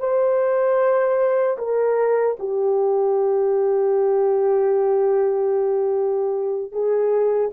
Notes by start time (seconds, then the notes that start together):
0.00 C5
1.58 A#4
2.39 G4
6.72 G#4